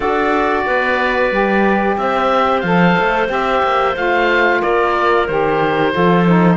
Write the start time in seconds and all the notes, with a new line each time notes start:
0.00 D4 F#4 A4 D5
0.65 B3 B4
1.30 G3 G4
1.97 C4 C5 E5
2.60 F3 A4 F5
3.00 A3
3.27 C4 G4 E5
3.62 A#3
3.95 A3 F4 F5
4.61 A#3 A#4 D5
5.27 D#3 G4 C5
5.92 F3 F4 A4
6.25 D#4